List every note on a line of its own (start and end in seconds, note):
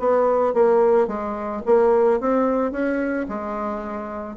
0.00 0.54 B3
0.54 1.08 A#3
1.08 1.63 G#3
1.66 2.20 A#3
2.20 2.72 C4
2.72 3.27 C#4
3.29 4.37 G#3